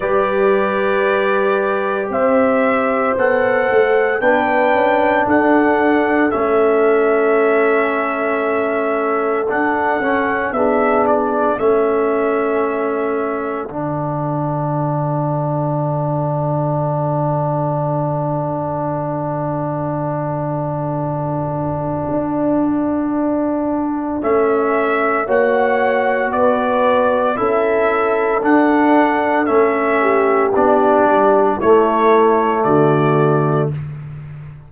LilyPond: <<
  \new Staff \with { instrumentName = "trumpet" } { \time 4/4 \tempo 4 = 57 d''2 e''4 fis''4 | g''4 fis''4 e''2~ | e''4 fis''4 e''8 d''8 e''4~ | e''4 fis''2.~ |
fis''1~ | fis''2. e''4 | fis''4 d''4 e''4 fis''4 | e''4 d''4 cis''4 d''4 | }
  \new Staff \with { instrumentName = "horn" } { \time 4/4 b'2 c''2 | b'4 a'2.~ | a'2 gis'4 a'4~ | a'1~ |
a'1~ | a'1 | cis''4 b'4 a'2~ | a'8 g'4. e'4 fis'4 | }
  \new Staff \with { instrumentName = "trombone" } { \time 4/4 g'2. a'4 | d'2 cis'2~ | cis'4 d'8 cis'8 d'4 cis'4~ | cis'4 d'2.~ |
d'1~ | d'2. cis'4 | fis'2 e'4 d'4 | cis'4 d'4 a2 | }
  \new Staff \with { instrumentName = "tuba" } { \time 4/4 g2 c'4 b8 a8 | b8 cis'8 d'4 a2~ | a4 d'8 cis'8 b4 a4~ | a4 d2.~ |
d1~ | d4 d'2 a4 | ais4 b4 cis'4 d'4 | a4 b8 g8 a4 d4 | }
>>